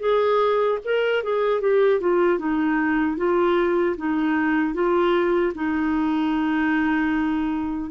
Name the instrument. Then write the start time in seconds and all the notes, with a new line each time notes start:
clarinet
0.00 G#4
0.85 A#4
1.23 G#4
1.61 G4
2.01 F4
2.39 D#4
3.17 F4
3.97 D#4
4.74 F4
5.55 D#4